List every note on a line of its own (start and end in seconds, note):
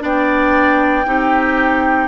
0.00 1.06 B3
0.00 1.03 D4
0.00 1.06 D5
0.00 2.08 G5
1.06 2.08 C4
1.06 2.08 D#4
1.06 2.08 G4